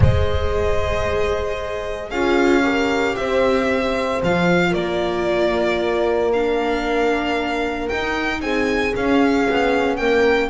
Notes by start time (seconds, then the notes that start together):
0.00 G#3 G#4 C5 D#5
2.09 C#4 F4 G#4 F5
2.63 G4 A#4
3.15 C4 C5 E5
4.22 F3 F4 F5
4.70 A#3 A#4 D5
6.33 D4 F5
7.88 D#4 G5
8.41 C4 G#4 G#5
8.94 C#4 F5
9.49 B3
9.96 A#3 A#4 G5